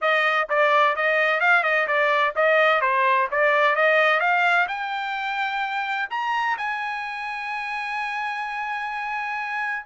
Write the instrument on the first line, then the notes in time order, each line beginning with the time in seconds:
trumpet
0.01 D#5
0.49 D5
0.96 D#5
1.40 F5
1.63 D#5
1.87 D5
2.35 D#5
2.81 C5
3.31 D5
3.75 D#5
4.20 F5
4.68 G5
6.10 A#5
6.57 G#5